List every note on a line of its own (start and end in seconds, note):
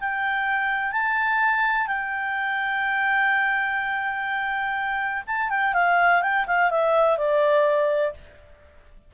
0.00 0.92 G5
0.92 1.87 A5
1.87 5.23 G5
5.27 5.49 A5
5.49 5.73 G5
5.74 6.22 F5
6.22 6.46 G5
6.47 6.70 F5
6.70 7.18 E5
7.18 8.14 D5